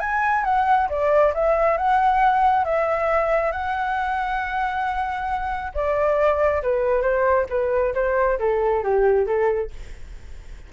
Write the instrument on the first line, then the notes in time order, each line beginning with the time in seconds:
flute
0.00 G#5
0.44 F#5
0.89 D5
1.34 E5
1.77 F#5
2.65 E5
3.52 F#5
5.74 D5
6.63 B4
7.02 C5
7.50 B4
7.94 C5
8.39 A4
8.84 G4
9.27 A4